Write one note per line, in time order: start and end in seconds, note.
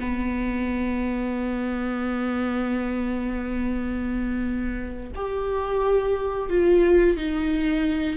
0.00 5.11 B3
5.15 6.49 G4
6.49 7.17 F4
7.17 8.17 D#4